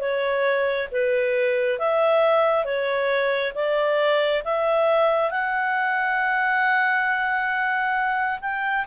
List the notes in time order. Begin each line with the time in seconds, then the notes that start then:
0.00 C#5
0.92 B4
1.79 E5
2.65 C#5
3.55 D5
4.45 E5
5.31 F#5
8.41 G5